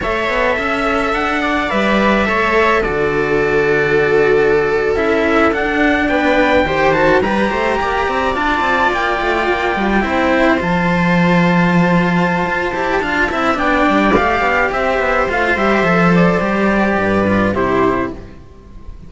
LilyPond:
<<
  \new Staff \with { instrumentName = "trumpet" } { \time 4/4 \tempo 4 = 106 e''2 fis''4 e''4~ | e''4 d''2.~ | d''8. e''4 fis''4 g''4~ g''16~ | g''16 a''8 ais''2 a''4 g''16~ |
g''2~ g''8. a''4~ a''16~ | a''1 | g''4 f''4 e''4 f''8 e''8~ | e''8 d''2~ d''8 c''4 | }
  \new Staff \with { instrumentName = "viola" } { \time 4/4 cis''4 e''4. d''4. | cis''4 a'2.~ | a'2~ a'8. b'4 c''16~ | c''8. b'8 c''8 d''2~ d''16~ |
d''4.~ d''16 c''2~ c''16~ | c''2. f''8 e''8 | d''2 c''2~ | c''2 b'4 g'4 | }
  \new Staff \with { instrumentName = "cello" } { \time 4/4 a'2. b'4 | a'4 fis'2.~ | fis'8. e'4 d'2 g'16~ | g'16 fis'8 g'2 f'4~ f'16~ |
f'4.~ f'16 e'4 f'4~ f'16~ | f'2~ f'8 g'8 f'8 e'8 | d'4 g'2 f'8 g'8 | a'4 g'4. f'8 e'4 | }
  \new Staff \with { instrumentName = "cello" } { \time 4/4 a8 b8 cis'4 d'4 g4 | a4 d2.~ | d8. cis'4 d'4 b4 dis16~ | dis8. g8 a8 ais8 c'8 d'8 c'8 ais16~ |
ais16 a8 ais8 g8 c'4 f4~ f16~ | f2 f'8 e'8 d'8 c'8 | b8 g8 a8 b8 c'8 b8 a8 g8 | f4 g4 g,4 c4 | }
>>